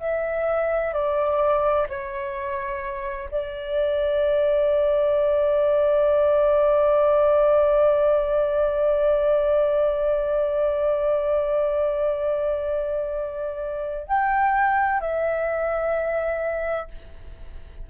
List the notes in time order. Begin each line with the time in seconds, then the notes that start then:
0.00 E5
0.94 D5
1.89 C#5
3.32 D5
14.08 G5
15.01 E5